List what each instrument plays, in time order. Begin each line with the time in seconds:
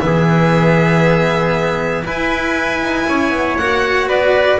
0.00 double bass E3, cello B3, trumpet G#4, violin E5
2.05 cello E4, double bass E4, trumpet B4, violin G#5
2.81 double bass D#4
3.08 double bass C#4, trumpet C#5
3.30 double bass B3
3.57 double bass A#3, cello F#4, violin F#5
4.08 double bass B3, trumpet B4, violin D5